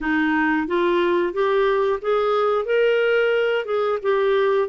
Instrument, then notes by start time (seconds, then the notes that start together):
clarinet
0.00 D#4
0.67 F4
1.33 G4
2.01 G#4
2.65 A#4
3.65 G#4
4.02 G4